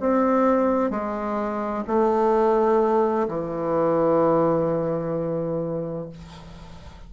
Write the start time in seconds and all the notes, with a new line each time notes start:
0.00 C4
0.90 G#3
1.87 A3
3.28 E3